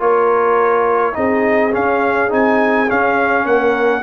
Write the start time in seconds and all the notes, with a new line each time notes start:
0.00 A#3 F4 A#4 C#5
1.13 C4 D#4 G#4 D#5
1.72 C#4 F5
2.29 C4 D#4 G#5
2.88 C#4 F5
3.45 A#3 A#4 F#5